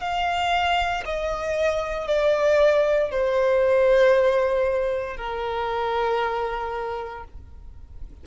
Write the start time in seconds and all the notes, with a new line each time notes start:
0.00 F5
1.05 D#5
2.07 D5
3.11 C5
5.17 A#4